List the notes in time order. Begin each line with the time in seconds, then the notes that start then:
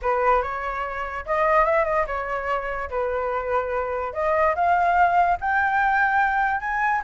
0.02 B4
0.42 C#5
1.26 D#5
1.65 E5
1.85 D#5
2.06 C#5
2.90 B4
4.13 D#5
4.55 F5
5.40 G5
6.60 G#5